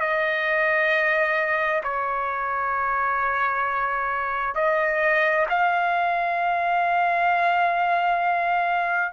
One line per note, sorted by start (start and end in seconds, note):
0.00 1.82 D#5
1.83 4.55 C#5
4.55 5.45 D#5
5.49 9.12 F5